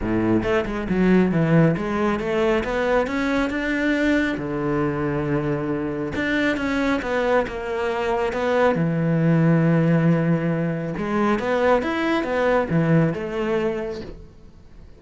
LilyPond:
\new Staff \with { instrumentName = "cello" } { \time 4/4 \tempo 4 = 137 a,4 a8 gis8 fis4 e4 | gis4 a4 b4 cis'4 | d'2 d2~ | d2 d'4 cis'4 |
b4 ais2 b4 | e1~ | e4 gis4 b4 e'4 | b4 e4 a2 | }